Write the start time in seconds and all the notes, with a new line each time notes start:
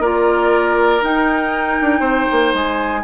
0.00 A#3 F4 A#4 D5
1.01 D#4 G5
1.81 D4
2.00 C4 C5
2.32 A#3
2.54 G#3 G#5